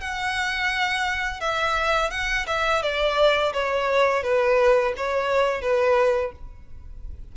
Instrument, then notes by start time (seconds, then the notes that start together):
violin
0.00 F#5
1.40 E5
2.10 F#5
2.47 E5
2.82 D5
3.53 C#5
4.23 B4
4.97 C#5
5.61 B4